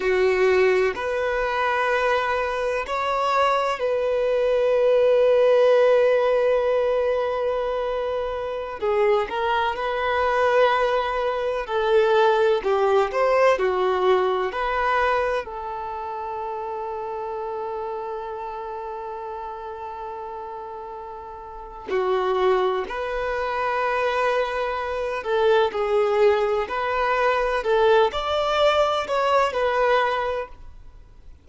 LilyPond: \new Staff \with { instrumentName = "violin" } { \time 4/4 \tempo 4 = 63 fis'4 b'2 cis''4 | b'1~ | b'4~ b'16 gis'8 ais'8 b'4.~ b'16~ | b'16 a'4 g'8 c''8 fis'4 b'8.~ |
b'16 a'2.~ a'8.~ | a'2. fis'4 | b'2~ b'8 a'8 gis'4 | b'4 a'8 d''4 cis''8 b'4 | }